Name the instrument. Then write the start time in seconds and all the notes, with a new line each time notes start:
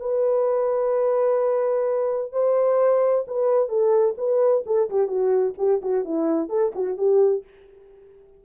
horn
0.00 B4
2.32 C5
3.27 B4
3.68 A4
4.18 B4
4.66 A4
4.90 G4
5.07 F#4
5.58 G4
5.82 F#4
6.04 E4
6.49 A4
6.75 F#4
6.97 G4